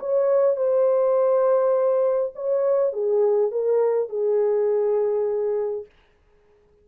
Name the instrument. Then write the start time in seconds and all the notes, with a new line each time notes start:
horn
0.00 C#5
0.56 C5
2.35 C#5
2.93 G#4
3.52 A#4
4.09 G#4